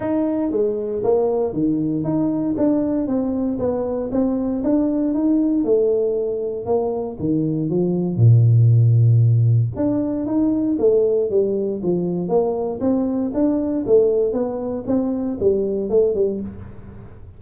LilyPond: \new Staff \with { instrumentName = "tuba" } { \time 4/4 \tempo 4 = 117 dis'4 gis4 ais4 dis4 | dis'4 d'4 c'4 b4 | c'4 d'4 dis'4 a4~ | a4 ais4 dis4 f4 |
ais,2. d'4 | dis'4 a4 g4 f4 | ais4 c'4 d'4 a4 | b4 c'4 g4 a8 g8 | }